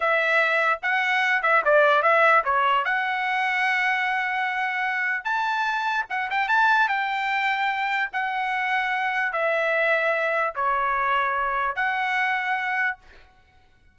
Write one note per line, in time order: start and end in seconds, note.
0.00 0.79 E5
0.82 1.42 F#5
1.42 1.62 E5
1.64 2.02 D5
2.02 2.43 E5
2.44 2.84 C#5
2.85 5.24 F#5
5.24 6.05 A5
6.09 6.30 F#5
6.30 6.48 G5
6.48 6.88 A5
6.88 8.10 G5
8.13 9.32 F#5
9.32 10.54 E5
10.55 11.75 C#5
11.75 12.97 F#5